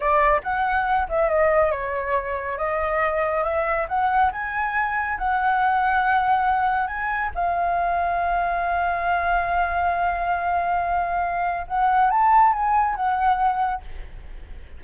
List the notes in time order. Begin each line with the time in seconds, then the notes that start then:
0.00 D5
0.43 F#5
1.08 E5
1.29 D#5
1.71 C#5
2.57 D#5
3.43 E5
3.88 F#5
4.32 G#5
5.18 F#5
6.87 G#5
7.34 F5
11.67 F#5
12.10 A5
12.52 G#5
12.95 F#5